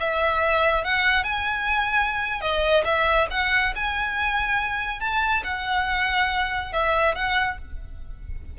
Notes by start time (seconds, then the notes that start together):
0.00 E5
0.84 F#5
1.24 G#5
2.41 D#5
2.85 E5
3.31 F#5
3.76 G#5
5.00 A5
5.44 F#5
6.73 E5
7.15 F#5